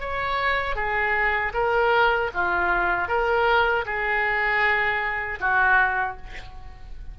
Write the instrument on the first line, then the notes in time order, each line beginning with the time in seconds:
oboe
0.00 C#5
0.76 G#4
1.54 A#4
2.34 F4
3.08 A#4
3.86 G#4
5.40 F#4